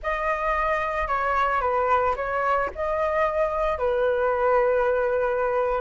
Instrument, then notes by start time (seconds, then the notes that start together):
flute
0.02 D#5
1.07 C#5
1.60 B4
2.15 C#5
2.75 D#5
3.78 B4